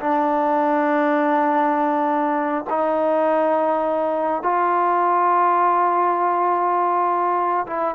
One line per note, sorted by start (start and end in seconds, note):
0.00 2.65 D4
2.70 4.43 D#4
4.43 7.66 F4
7.67 7.95 E4